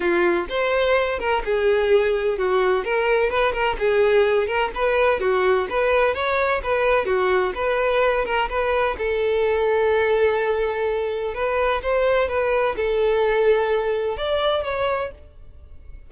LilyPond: \new Staff \with { instrumentName = "violin" } { \time 4/4 \tempo 4 = 127 f'4 c''4. ais'8 gis'4~ | gis'4 fis'4 ais'4 b'8 ais'8 | gis'4. ais'8 b'4 fis'4 | b'4 cis''4 b'4 fis'4 |
b'4. ais'8 b'4 a'4~ | a'1 | b'4 c''4 b'4 a'4~ | a'2 d''4 cis''4 | }